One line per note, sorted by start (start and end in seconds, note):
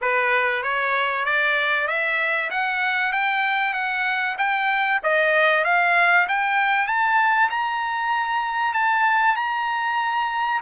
0.01 0.62 B4
0.62 1.25 C#5
1.25 1.87 D5
1.87 2.50 E5
2.50 3.12 F#5
3.12 3.73 G5
3.73 4.36 F#5
4.38 5.00 G5
5.03 5.64 D#5
5.64 6.27 F5
6.28 6.87 G5
6.87 7.49 A5
7.49 8.73 A#5
8.73 9.36 A5
9.36 10.61 A#5